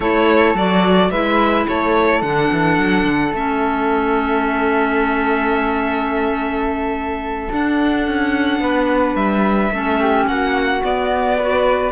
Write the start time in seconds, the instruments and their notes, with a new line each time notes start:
0.00 cello A3, clarinet E4, flute A4, violin C#5
0.54 cello F#3, clarinet F#4, violin D5
1.10 cello G#3, clarinet E4, flute B4, violin E5
1.67 cello A3, flute A4, violin C#5
2.22 cello D3, clarinet D4, violin F#5
2.52 cello E3
2.78 cello F#3
3.04 cello D3
3.32 cello A3, clarinet C#4, violin E5
7.51 cello D4, clarinet D4, violin F#5
8.07 cello C#4
8.59 cello B3, flute B4
9.14 cello G3, violin E5
9.70 cello A3, clarinet C#4, flute A4
10.00 flute G4
10.26 cello A#3, flute F#4, violin F#5
10.83 clarinet B3, cello B3, violin D5
11.37 clarinet F#4, flute B4